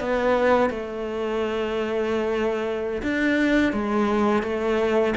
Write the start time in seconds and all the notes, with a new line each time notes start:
0.00 B3
0.70 A3
3.02 D4
3.73 G#3
4.43 A3